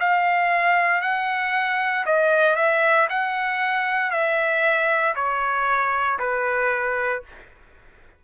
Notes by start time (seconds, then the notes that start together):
0.00 F5
1.02 F#5
2.06 D#5
2.56 E5
3.09 F#5
4.11 E5
5.15 C#5
6.19 B4